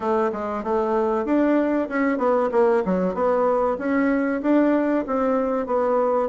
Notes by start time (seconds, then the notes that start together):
0.00 A3
0.32 G#3
0.63 A3
1.25 D4
1.88 C#4
2.18 B3
2.51 A#3
2.84 F#3
3.14 B3
3.78 C#4
4.42 D4
5.06 C4
5.66 B3